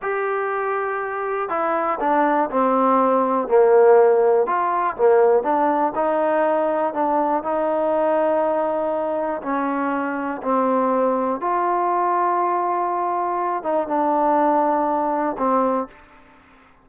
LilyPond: \new Staff \with { instrumentName = "trombone" } { \time 4/4 \tempo 4 = 121 g'2. e'4 | d'4 c'2 ais4~ | ais4 f'4 ais4 d'4 | dis'2 d'4 dis'4~ |
dis'2. cis'4~ | cis'4 c'2 f'4~ | f'2.~ f'8 dis'8 | d'2. c'4 | }